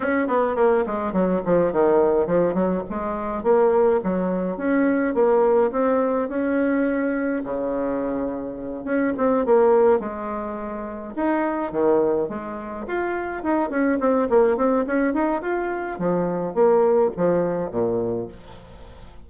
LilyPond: \new Staff \with { instrumentName = "bassoon" } { \time 4/4 \tempo 4 = 105 cis'8 b8 ais8 gis8 fis8 f8 dis4 | f8 fis8 gis4 ais4 fis4 | cis'4 ais4 c'4 cis'4~ | cis'4 cis2~ cis8 cis'8 |
c'8 ais4 gis2 dis'8~ | dis'8 dis4 gis4 f'4 dis'8 | cis'8 c'8 ais8 c'8 cis'8 dis'8 f'4 | f4 ais4 f4 ais,4 | }